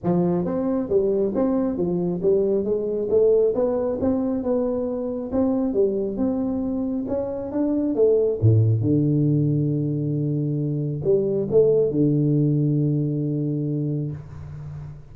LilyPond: \new Staff \with { instrumentName = "tuba" } { \time 4/4 \tempo 4 = 136 f4 c'4 g4 c'4 | f4 g4 gis4 a4 | b4 c'4 b2 | c'4 g4 c'2 |
cis'4 d'4 a4 a,4 | d1~ | d4 g4 a4 d4~ | d1 | }